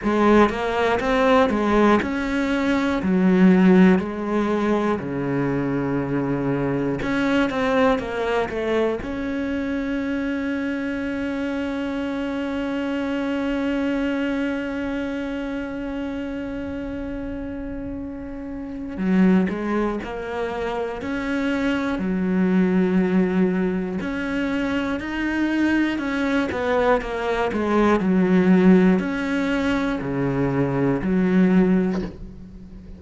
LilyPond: \new Staff \with { instrumentName = "cello" } { \time 4/4 \tempo 4 = 60 gis8 ais8 c'8 gis8 cis'4 fis4 | gis4 cis2 cis'8 c'8 | ais8 a8 cis'2.~ | cis'1~ |
cis'2. fis8 gis8 | ais4 cis'4 fis2 | cis'4 dis'4 cis'8 b8 ais8 gis8 | fis4 cis'4 cis4 fis4 | }